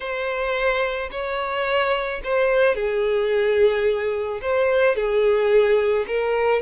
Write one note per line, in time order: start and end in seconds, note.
0.00 1.09 C5
1.11 2.21 C#5
2.24 2.75 C5
2.75 4.40 G#4
4.41 4.95 C5
4.95 6.05 G#4
6.07 6.61 A#4